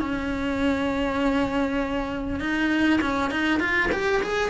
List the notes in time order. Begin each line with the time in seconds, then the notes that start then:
0.00 C#4
2.40 D#4
3.01 C#4
3.31 D#4
3.60 F4
3.92 G4
4.23 G#4